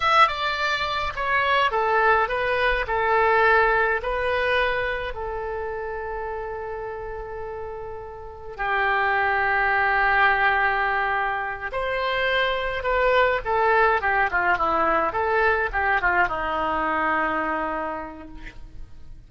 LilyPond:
\new Staff \with { instrumentName = "oboe" } { \time 4/4 \tempo 4 = 105 e''8 d''4. cis''4 a'4 | b'4 a'2 b'4~ | b'4 a'2.~ | a'2. g'4~ |
g'1~ | g'8 c''2 b'4 a'8~ | a'8 g'8 f'8 e'4 a'4 g'8 | f'8 dis'2.~ dis'8 | }